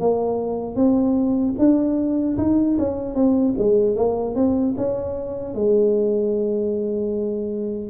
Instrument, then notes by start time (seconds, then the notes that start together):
tuba
0.00 A#3
0.76 C4
1.58 D4
2.38 D#4
2.78 C#4
3.14 C4
3.58 G#3
3.96 A#3
4.35 C4
4.77 C#4
5.54 G#3